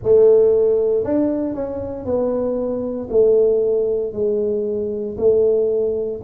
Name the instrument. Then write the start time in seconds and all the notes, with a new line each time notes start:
tuba
0.03 A3
1.03 D4
1.54 C#4
2.05 B3
3.10 A3
4.12 G#3
5.17 A3